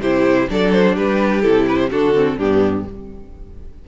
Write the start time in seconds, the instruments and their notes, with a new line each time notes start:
0.00 cello C3, viola E4, violin G4 C5
0.48 cello F#3, viola D4, violin A4 D5
0.72 violin C5
0.95 cello G3, violin G4 B4
1.42 cello C3, viola E4, violin A4
1.68 violin B4
1.77 violin C5
1.90 cello D3, viola D4, violin F#4 A4
2.14 viola C4
2.37 cello G2, viola B3, violin D4 G4